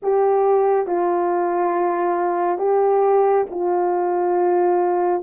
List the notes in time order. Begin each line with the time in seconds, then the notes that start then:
0.02 G4
0.86 F4
2.58 G4
3.50 F4